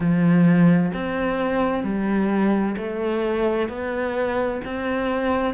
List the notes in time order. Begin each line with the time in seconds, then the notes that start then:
0.00 F3
0.93 C4
1.83 G3
2.77 A3
3.68 B3
4.64 C4